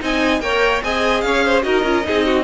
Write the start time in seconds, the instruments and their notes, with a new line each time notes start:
0.00 cello C4, viola D#4, violin D#5 G#5
0.41 cello A#3, viola A#4, violin C#5 G5
0.82 cello C4, viola G#4, violin D#5 G#5
1.21 cello C#4, violin C#5 F5
1.45 violin C5
1.63 cello D#4, viola F#4, violin A#4 D#5
1.83 cello C#4, viola F4
2.04 cello C4, viola D#4, violin G#4
2.26 violin F#4